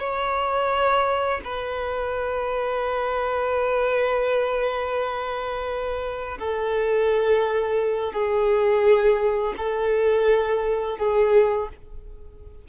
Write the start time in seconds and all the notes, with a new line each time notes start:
0.00 C#5
1.45 B4
6.39 A4
8.13 G#4
9.57 A4
10.98 G#4